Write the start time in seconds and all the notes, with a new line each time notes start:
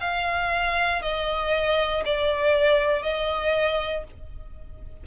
0.00 F5
1.02 D#5
2.05 D5
3.02 D#5